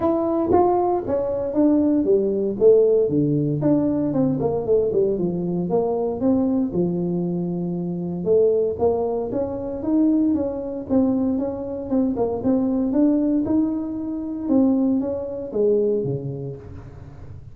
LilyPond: \new Staff \with { instrumentName = "tuba" } { \time 4/4 \tempo 4 = 116 e'4 f'4 cis'4 d'4 | g4 a4 d4 d'4 | c'8 ais8 a8 g8 f4 ais4 | c'4 f2. |
a4 ais4 cis'4 dis'4 | cis'4 c'4 cis'4 c'8 ais8 | c'4 d'4 dis'2 | c'4 cis'4 gis4 cis4 | }